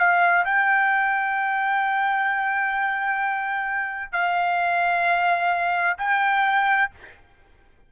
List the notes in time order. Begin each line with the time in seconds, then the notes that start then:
0.00 F5
0.45 G5
4.13 F5
5.98 G5